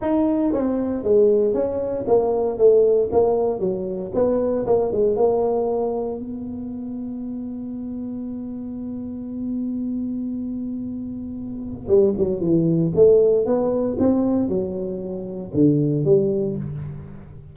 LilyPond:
\new Staff \with { instrumentName = "tuba" } { \time 4/4 \tempo 4 = 116 dis'4 c'4 gis4 cis'4 | ais4 a4 ais4 fis4 | b4 ais8 gis8 ais2 | b1~ |
b1~ | b2. g8 fis8 | e4 a4 b4 c'4 | fis2 d4 g4 | }